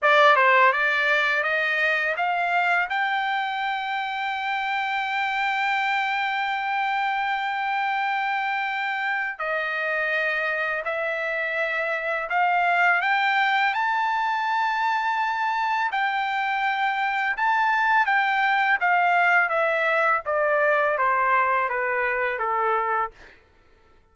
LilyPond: \new Staff \with { instrumentName = "trumpet" } { \time 4/4 \tempo 4 = 83 d''8 c''8 d''4 dis''4 f''4 | g''1~ | g''1~ | g''4 dis''2 e''4~ |
e''4 f''4 g''4 a''4~ | a''2 g''2 | a''4 g''4 f''4 e''4 | d''4 c''4 b'4 a'4 | }